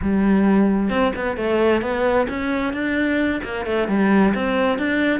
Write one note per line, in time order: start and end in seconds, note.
0.02 0.89 G3
0.89 1.12 C4
1.15 1.36 B3
1.36 1.81 A3
1.81 2.27 B3
2.29 2.73 C#4
2.73 3.41 D4
3.43 3.65 A#3
3.65 3.88 A3
3.88 4.33 G3
4.34 4.78 C4
4.78 5.20 D4